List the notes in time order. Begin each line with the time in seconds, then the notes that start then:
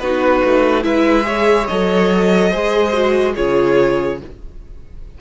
0.00 B3 D#4 F#4 B4
0.45 A3
0.82 G#3 E4 B4 E5
1.24 G#4 C#5
1.68 F#3 A4 D#5
2.50 G#3 G#4 C5
2.93 F#4
3.35 C#3 F4 G#4 C#5